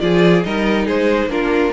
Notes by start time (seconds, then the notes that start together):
0.00 F3 F4 G#4 D5
0.43 G3 D#4 A#4 D#5
0.86 G#3 G#4 C5
1.27 A#3 D4 F4 A#4